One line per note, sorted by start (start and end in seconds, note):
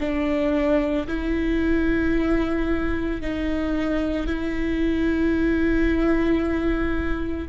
0.00 1.07 D4
1.08 3.21 E4
3.21 4.27 D#4
4.27 7.48 E4